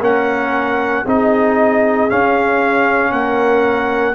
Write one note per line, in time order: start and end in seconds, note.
0.00 1.04 A#3
0.00 1.05 C#4
0.00 1.03 A#4
0.00 1.07 F#5
1.05 2.09 C4
1.05 2.09 D#4
1.05 3.11 G#4
1.05 2.10 D#5
2.09 4.14 C#4
2.09 3.11 C#4
2.09 3.12 F5
3.11 4.14 A#3
3.11 4.14 A#4
3.11 4.14 F#5